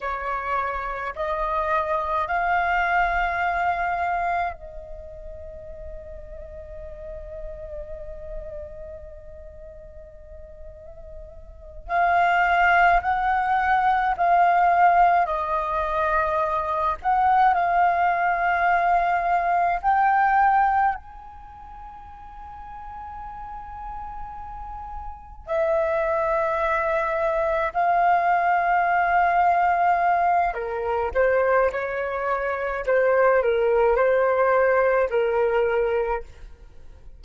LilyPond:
\new Staff \with { instrumentName = "flute" } { \time 4/4 \tempo 4 = 53 cis''4 dis''4 f''2 | dis''1~ | dis''2~ dis''8 f''4 fis''8~ | fis''8 f''4 dis''4. fis''8 f''8~ |
f''4. g''4 gis''4.~ | gis''2~ gis''8 e''4.~ | e''8 f''2~ f''8 ais'8 c''8 | cis''4 c''8 ais'8 c''4 ais'4 | }